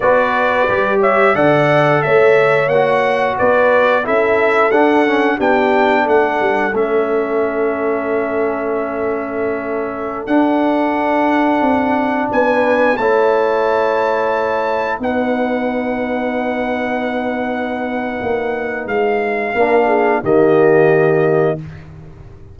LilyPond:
<<
  \new Staff \with { instrumentName = "trumpet" } { \time 4/4 \tempo 4 = 89 d''4. e''8 fis''4 e''4 | fis''4 d''4 e''4 fis''4 | g''4 fis''4 e''2~ | e''2.~ e''16 fis''8.~ |
fis''2~ fis''16 gis''4 a''8.~ | a''2~ a''16 fis''4.~ fis''16~ | fis''1 | f''2 dis''2 | }
  \new Staff \with { instrumentName = "horn" } { \time 4/4 b'4. cis''8 d''4 cis''4~ | cis''4 b'4 a'2 | g'4 a'2.~ | a'1~ |
a'2~ a'16 b'4 cis''8.~ | cis''2~ cis''16 b'4.~ b'16~ | b'1~ | b'4 ais'8 gis'8 g'2 | }
  \new Staff \with { instrumentName = "trombone" } { \time 4/4 fis'4 g'4 a'2 | fis'2 e'4 d'8 cis'8 | d'2 cis'2~ | cis'2.~ cis'16 d'8.~ |
d'2.~ d'16 e'8.~ | e'2~ e'16 dis'4.~ dis'16~ | dis'1~ | dis'4 d'4 ais2 | }
  \new Staff \with { instrumentName = "tuba" } { \time 4/4 b4 g4 d4 a4 | ais4 b4 cis'4 d'4 | b4 a8 g8 a2~ | a2.~ a16 d'8.~ |
d'4~ d'16 c'4 b4 a8.~ | a2~ a16 b4.~ b16~ | b2. ais4 | gis4 ais4 dis2 | }
>>